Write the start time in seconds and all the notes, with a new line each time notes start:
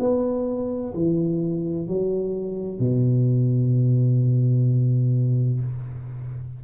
0.00 B3
0.94 E3
1.87 F#3
2.79 B2